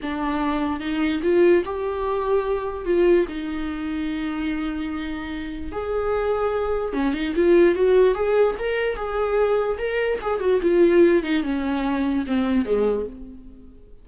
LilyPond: \new Staff \with { instrumentName = "viola" } { \time 4/4 \tempo 4 = 147 d'2 dis'4 f'4 | g'2. f'4 | dis'1~ | dis'2 gis'2~ |
gis'4 cis'8 dis'8 f'4 fis'4 | gis'4 ais'4 gis'2 | ais'4 gis'8 fis'8 f'4. dis'8 | cis'2 c'4 gis4 | }